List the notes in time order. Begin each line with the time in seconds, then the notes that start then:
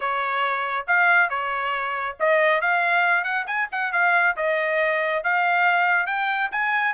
0.00 C#5
0.87 F5
1.29 C#5
2.19 D#5
2.61 F5
3.24 F#5
3.46 G#5
3.71 F#5
3.92 F5
4.36 D#5
5.23 F5
6.06 G5
6.51 G#5